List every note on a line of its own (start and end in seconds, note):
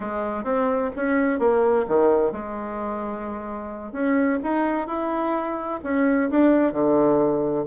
0.00 0.44 G#3
0.44 0.90 C4
0.96 1.39 C#4
1.39 1.85 A#3
1.88 2.32 D#3
2.32 3.92 G#3
3.92 4.38 C#4
4.43 4.87 D#4
4.87 5.80 E4
5.83 6.30 C#4
6.30 6.73 D4
6.73 7.66 D3